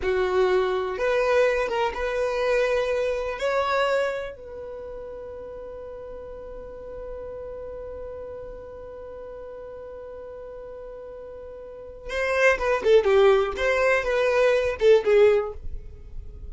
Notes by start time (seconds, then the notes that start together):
0.02 F#4
0.98 B4
1.68 A#4
1.94 B4
3.38 C#5
4.35 B4
12.09 C5
12.58 B4
12.84 A4
13.04 G4
13.56 C5
14.03 B4
14.79 A4
15.04 G#4